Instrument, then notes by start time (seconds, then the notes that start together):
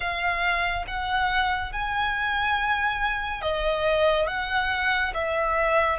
violin
0.00 F5
0.86 F#5
1.72 G#5
3.41 D#5
4.27 F#5
5.14 E5